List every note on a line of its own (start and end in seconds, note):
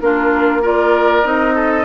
0.00 1.24 A#3
0.00 0.62 D4
0.00 0.62 F4
0.00 0.62 A#4
0.62 1.23 F4
0.62 1.55 A#4
0.62 1.27 D5
1.23 1.85 C4
1.23 1.85 D#4
1.23 1.85 D#5
1.55 1.85 A4